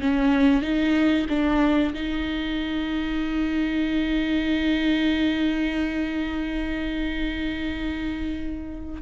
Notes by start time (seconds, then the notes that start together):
0.00 C#4
0.62 D#4
1.29 D4
1.94 D#4